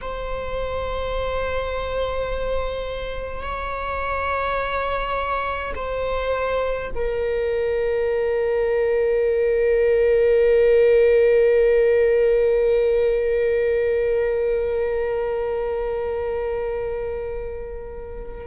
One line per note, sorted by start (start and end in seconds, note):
0.01 3.42 C5
3.42 5.73 C#5
5.75 6.90 C5
6.94 18.47 A#4